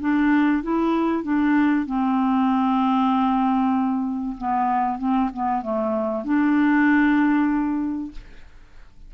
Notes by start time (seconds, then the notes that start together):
0.00 D4
0.62 E4
1.23 D4
1.86 C4
4.38 B3
4.98 C4
5.33 B3
5.62 A3
6.24 D4